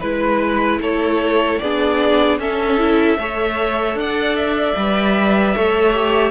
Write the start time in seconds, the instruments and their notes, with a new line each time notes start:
0.00 cello G#3, viola E4, violin B4
0.79 cello A3, violin A4 C#5
1.59 cello B3, viola D4, violin G#4 D5
2.38 cello C#4, viola C#4, violin A4 E5
2.78 viola E4
3.18 cello A3, viola A4, violin C#5
3.95 cello D4, violin D5 F#5
4.35 violin E5
4.76 cello G3, viola B4
5.56 cello A3, viola A4, violin C#5
5.93 viola G4